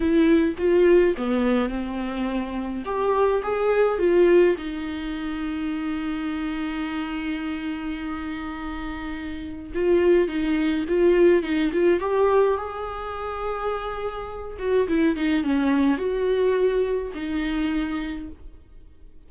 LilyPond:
\new Staff \with { instrumentName = "viola" } { \time 4/4 \tempo 4 = 105 e'4 f'4 b4 c'4~ | c'4 g'4 gis'4 f'4 | dis'1~ | dis'1~ |
dis'4 f'4 dis'4 f'4 | dis'8 f'8 g'4 gis'2~ | gis'4. fis'8 e'8 dis'8 cis'4 | fis'2 dis'2 | }